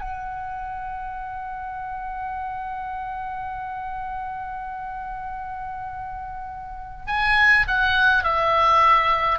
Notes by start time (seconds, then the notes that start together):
0.00 F#5
7.06 G#5
7.67 F#5
8.23 E5